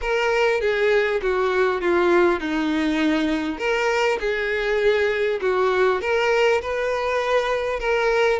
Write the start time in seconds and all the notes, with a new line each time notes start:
0.01 A#4
0.61 G#4
1.22 F#4
1.81 F4
2.39 D#4
3.58 A#4
4.19 G#4
5.41 F#4
6.01 A#4
6.61 B4
7.79 A#4